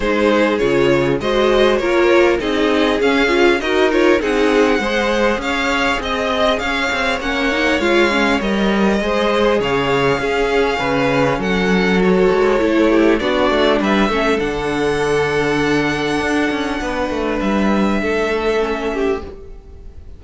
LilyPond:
<<
  \new Staff \with { instrumentName = "violin" } { \time 4/4 \tempo 4 = 100 c''4 cis''4 dis''4 cis''4 | dis''4 f''4 dis''8 cis''8 fis''4~ | fis''4 f''4 dis''4 f''4 | fis''4 f''4 dis''2 |
f''2. fis''4 | cis''2 d''4 e''4 | fis''1~ | fis''4 e''2. | }
  \new Staff \with { instrumentName = "violin" } { \time 4/4 gis'2 c''4 ais'4 | gis'2 ais'4 gis'4 | c''4 cis''4 dis''4 cis''4~ | cis''2. c''4 |
cis''4 gis'4 b'4 a'4~ | a'4. g'8 fis'4 b'8 a'8~ | a'1 | b'2 a'4. g'8 | }
  \new Staff \with { instrumentName = "viola" } { \time 4/4 dis'4 f'4 fis'4 f'4 | dis'4 cis'8 f'8 fis'8 f'8 dis'4 | gis'1 | cis'8 dis'8 f'8 cis'8 ais'4 gis'4~ |
gis'4 cis'2. | fis'4 e'4 d'4. cis'8 | d'1~ | d'2. cis'4 | }
  \new Staff \with { instrumentName = "cello" } { \time 4/4 gis4 cis4 gis4 ais4 | c'4 cis'4 dis'4 c'4 | gis4 cis'4 c'4 cis'8 c'8 | ais4 gis4 g4 gis4 |
cis4 cis'4 cis4 fis4~ | fis8 gis8 a4 b8 a8 g8 a8 | d2. d'8 cis'8 | b8 a8 g4 a2 | }
>>